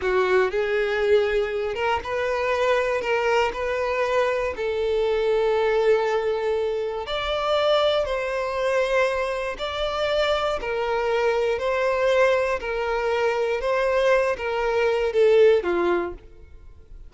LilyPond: \new Staff \with { instrumentName = "violin" } { \time 4/4 \tempo 4 = 119 fis'4 gis'2~ gis'8 ais'8 | b'2 ais'4 b'4~ | b'4 a'2.~ | a'2 d''2 |
c''2. d''4~ | d''4 ais'2 c''4~ | c''4 ais'2 c''4~ | c''8 ais'4. a'4 f'4 | }